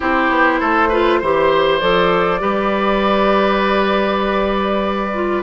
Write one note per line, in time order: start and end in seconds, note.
0.00 0.29 C4
0.00 0.91 E4
0.00 0.59 G4
0.00 1.79 C5
0.29 0.59 B3
0.59 1.21 A3
0.59 0.89 A4
0.89 1.21 F4
0.89 1.19 B4
1.21 1.81 E3
1.21 1.80 G4
1.21 2.41 C5
1.79 2.40 F3
1.79 2.39 A4
1.79 5.43 D5
2.39 5.43 G3
2.39 5.11 G4
2.39 5.43 B4
5.14 5.43 F4